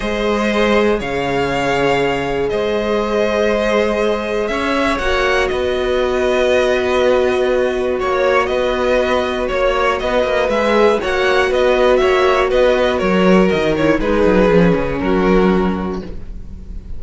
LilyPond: <<
  \new Staff \with { instrumentName = "violin" } { \time 4/4 \tempo 4 = 120 dis''2 f''2~ | f''4 dis''2.~ | dis''4 e''4 fis''4 dis''4~ | dis''1 |
cis''4 dis''2 cis''4 | dis''4 e''4 fis''4 dis''4 | e''4 dis''4 cis''4 dis''8 cis''8 | b'2 ais'2 | }
  \new Staff \with { instrumentName = "violin" } { \time 4/4 c''2 cis''2~ | cis''4 c''2.~ | c''4 cis''2 b'4~ | b'1 |
cis''4 b'2 cis''4 | b'2 cis''4 b'4 | cis''4 b'4 ais'2 | gis'2 fis'2 | }
  \new Staff \with { instrumentName = "viola" } { \time 4/4 gis'1~ | gis'1~ | gis'2 fis'2~ | fis'1~ |
fis'1~ | fis'4 gis'4 fis'2~ | fis'2.~ fis'8 e'8 | dis'4 cis'2. | }
  \new Staff \with { instrumentName = "cello" } { \time 4/4 gis2 cis2~ | cis4 gis2.~ | gis4 cis'4 ais4 b4~ | b1 |
ais4 b2 ais4 | b8 ais8 gis4 ais4 b4 | ais4 b4 fis4 dis4 | gis8 fis8 f8 cis8 fis2 | }
>>